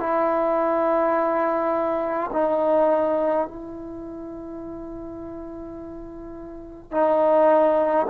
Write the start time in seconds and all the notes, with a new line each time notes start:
0.00 E4
2.33 D#4
3.48 E4
6.92 D#4